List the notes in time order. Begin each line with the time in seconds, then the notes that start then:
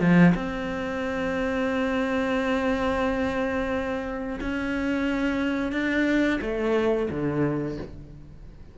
0.00 F3
0.35 C4
4.41 C#4
5.72 D4
6.41 A3
7.10 D3